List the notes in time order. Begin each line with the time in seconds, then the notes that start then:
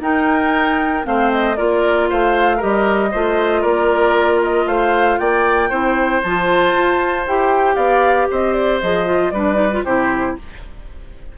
0.00 D#4 A#4 G5
1.04 A3 C4 C5 F5
1.32 D#5
1.56 A#3 F4 A#4 D5
2.10 A3 C5 F5
2.57 G3 G4 A#4 D#5
3.12 A3 F4 C5
3.62 A#3 A#4 D5
4.43 D#5
4.66 A3 C5 F5
5.18 A#3 D5 G5
5.70 C4 E4 C5
6.23 F3 F4 A5
6.74 F4
7.27 E4 G4 G5
7.75 B3 D5 F5
8.30 C4 C5 D#5
8.53 D5
8.81 F3 G#4 D#5
9.06 F4
9.31 G3 D4 B4 D5
9.55 D#4
9.72 F4
9.84 C3 E4 G4 C5